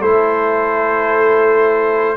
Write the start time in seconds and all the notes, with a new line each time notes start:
0.00 A3 E4 A4 C5